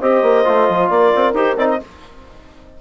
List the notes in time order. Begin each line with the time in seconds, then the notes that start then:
0.00 C4 G4 C5 D#5
0.22 A#3
0.44 A3 F4
0.69 F3
0.88 A#3 A#4 D5
1.15 C4
1.33 D#4 G4 C5
1.57 C4 D#4 D5
1.69 D#5